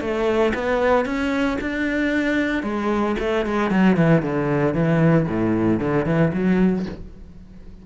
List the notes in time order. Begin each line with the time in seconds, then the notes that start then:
0.00 A3
0.54 B3
1.05 C#4
1.61 D4
2.63 G#3
3.19 A3
3.45 G#3
3.70 F#3
3.96 E3
4.22 D3
4.74 E3
5.27 A2
5.79 D3
6.05 E3
6.33 F#3